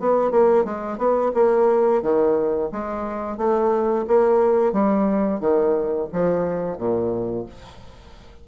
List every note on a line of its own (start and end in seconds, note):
0.00 0.31 B3
0.31 0.65 A#3
0.65 0.98 G#3
0.98 1.32 B3
1.35 2.02 A#3
2.02 2.71 D#3
2.72 3.38 G#3
3.38 4.06 A3
4.08 4.73 A#3
4.73 5.40 G3
5.40 6.09 D#3
6.13 6.78 F3
6.78 7.46 A#2